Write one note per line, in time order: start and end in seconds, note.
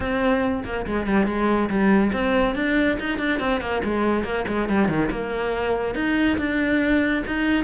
0.00 0.63 C4
0.64 0.85 A#3
0.86 1.06 G#3
1.06 1.26 G3
1.26 1.69 G#3
1.69 2.12 G3
2.12 2.55 C4
2.55 2.97 D4
2.99 3.18 D#4
3.18 3.39 D4
3.39 3.61 C4
3.61 3.82 A#3
3.84 4.23 G#3
4.23 4.45 A#3
4.47 4.68 G#3
4.68 4.88 G3
4.88 5.09 D#3
5.11 5.95 A#3
5.95 6.37 D#4
6.38 7.23 D4
7.26 7.64 D#4